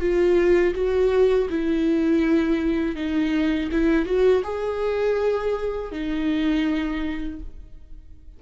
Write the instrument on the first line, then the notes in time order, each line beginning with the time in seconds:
viola
0.00 F4
0.74 F#4
1.50 E4
2.96 D#4
3.71 E4
4.06 F#4
4.43 G#4
5.92 D#4